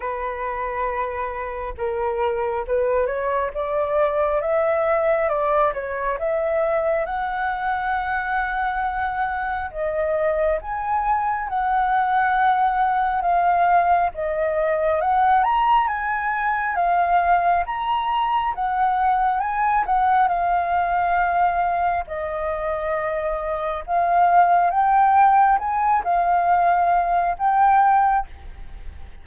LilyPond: \new Staff \with { instrumentName = "flute" } { \time 4/4 \tempo 4 = 68 b'2 ais'4 b'8 cis''8 | d''4 e''4 d''8 cis''8 e''4 | fis''2. dis''4 | gis''4 fis''2 f''4 |
dis''4 fis''8 ais''8 gis''4 f''4 | ais''4 fis''4 gis''8 fis''8 f''4~ | f''4 dis''2 f''4 | g''4 gis''8 f''4. g''4 | }